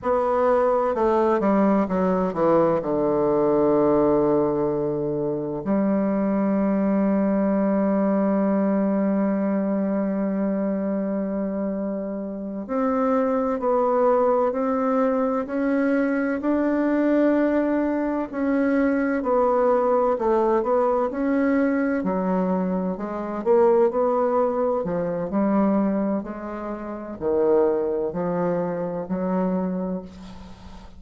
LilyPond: \new Staff \with { instrumentName = "bassoon" } { \time 4/4 \tempo 4 = 64 b4 a8 g8 fis8 e8 d4~ | d2 g2~ | g1~ | g4. c'4 b4 c'8~ |
c'8 cis'4 d'2 cis'8~ | cis'8 b4 a8 b8 cis'4 fis8~ | fis8 gis8 ais8 b4 f8 g4 | gis4 dis4 f4 fis4 | }